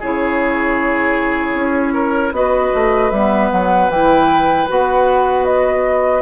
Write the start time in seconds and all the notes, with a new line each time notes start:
0.00 C#3 E4 G#4 C#5
1.55 C#4
1.94 A#4
2.32 B3 F#4 B4 D#5
2.75 A3
3.11 G3 B3 E5
3.52 F#3 F#5
3.89 E3 E4 G5
4.68 B3 F#4 F#5
5.45 D#5